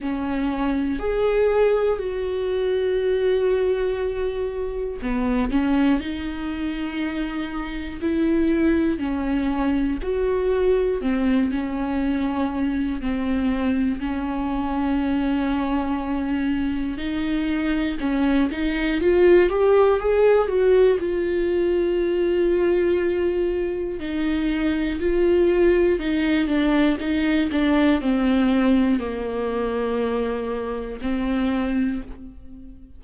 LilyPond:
\new Staff \with { instrumentName = "viola" } { \time 4/4 \tempo 4 = 60 cis'4 gis'4 fis'2~ | fis'4 b8 cis'8 dis'2 | e'4 cis'4 fis'4 c'8 cis'8~ | cis'4 c'4 cis'2~ |
cis'4 dis'4 cis'8 dis'8 f'8 g'8 | gis'8 fis'8 f'2. | dis'4 f'4 dis'8 d'8 dis'8 d'8 | c'4 ais2 c'4 | }